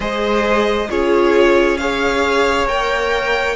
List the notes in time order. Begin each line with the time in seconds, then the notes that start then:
0.00 G#3 G#4 C5 D#5
0.90 C#4 F4 G#4 C#5
1.77 G#4 C#5 F5
2.67 A#3 A#4 G5